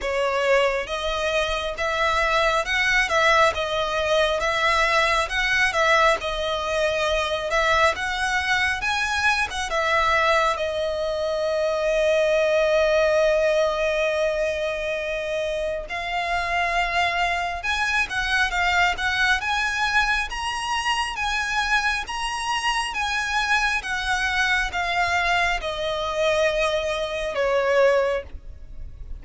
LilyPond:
\new Staff \with { instrumentName = "violin" } { \time 4/4 \tempo 4 = 68 cis''4 dis''4 e''4 fis''8 e''8 | dis''4 e''4 fis''8 e''8 dis''4~ | dis''8 e''8 fis''4 gis''8. fis''16 e''4 | dis''1~ |
dis''2 f''2 | gis''8 fis''8 f''8 fis''8 gis''4 ais''4 | gis''4 ais''4 gis''4 fis''4 | f''4 dis''2 cis''4 | }